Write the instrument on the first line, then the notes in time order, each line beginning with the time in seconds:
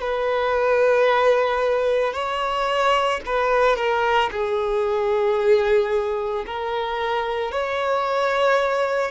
violin
0.00 B4
2.13 C#5
3.26 B4
3.76 A#4
4.31 G#4
6.46 A#4
7.51 C#5